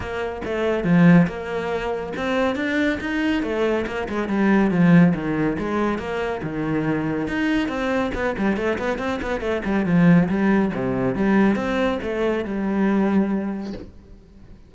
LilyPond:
\new Staff \with { instrumentName = "cello" } { \time 4/4 \tempo 4 = 140 ais4 a4 f4 ais4~ | ais4 c'4 d'4 dis'4 | a4 ais8 gis8 g4 f4 | dis4 gis4 ais4 dis4~ |
dis4 dis'4 c'4 b8 g8 | a8 b8 c'8 b8 a8 g8 f4 | g4 c4 g4 c'4 | a4 g2. | }